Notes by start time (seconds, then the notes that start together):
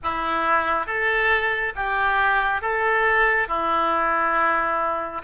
0.03 E4
0.86 A4
1.75 G4
2.61 A4
3.48 E4